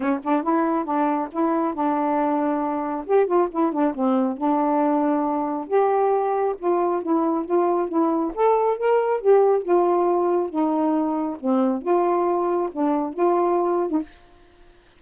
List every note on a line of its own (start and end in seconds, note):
0.00 0.19 C#4
0.23 0.42 D4
0.42 0.84 E4
0.84 1.28 D4
1.31 1.74 E4
1.74 3.05 D4
3.06 3.26 G4
3.26 3.48 F4
3.51 3.72 E4
3.72 3.94 D4
3.94 4.37 C4
4.37 5.67 D4
5.67 6.55 G4
6.58 7.02 F4
7.02 7.45 E4
7.45 7.88 F4
7.88 8.32 E4
8.34 8.77 A4
8.77 9.20 A#4
9.20 9.62 G4
9.62 10.49 F4
10.49 11.37 D#4
11.39 11.82 C4
11.82 12.69 F4
12.71 13.13 D4
13.13 13.90 F4
13.90 14.01 D#4